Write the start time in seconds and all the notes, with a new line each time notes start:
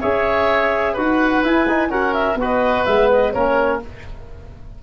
0.00 C#4 G#4 C#5 E5
0.93 D#4 F#4 B4 F#5
1.43 E4 G#5
1.68 D#4
1.89 C#4 F#4 A#4 F#5
2.13 E5
2.35 B3 F#4
2.41 B4 D#5
2.85 G#3 B3 E5
3.11 D#5
3.32 A#3 C#4 A#4 C#5